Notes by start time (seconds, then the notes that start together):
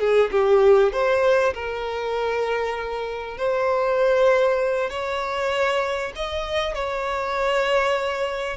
0.00 G#4
0.31 G4
0.92 C5
1.54 A#4
3.38 C5
4.90 C#5
6.16 D#5
6.75 C#5